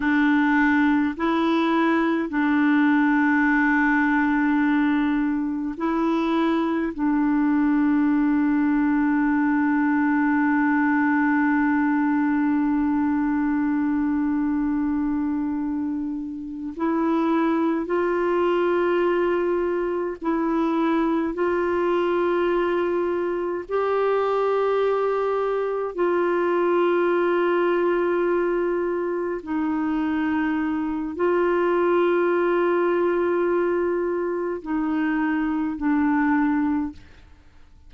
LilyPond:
\new Staff \with { instrumentName = "clarinet" } { \time 4/4 \tempo 4 = 52 d'4 e'4 d'2~ | d'4 e'4 d'2~ | d'1~ | d'2~ d'8 e'4 f'8~ |
f'4. e'4 f'4.~ | f'8 g'2 f'4.~ | f'4. dis'4. f'4~ | f'2 dis'4 d'4 | }